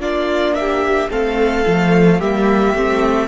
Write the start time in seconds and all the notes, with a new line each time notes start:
0.00 A#3 D4 F4 D5
0.55 G4 E5
1.10 A3 C4 A4 F5
1.67 F3 A3
2.19 G3 A#3 G4 E5
2.74 A3 C4